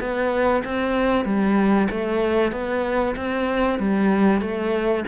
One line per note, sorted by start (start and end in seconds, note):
0.00 0.63 B3
0.64 1.25 C4
1.25 1.88 G3
1.90 2.51 A3
2.51 3.15 B3
3.16 3.79 C4
3.79 4.41 G3
4.41 5.04 A3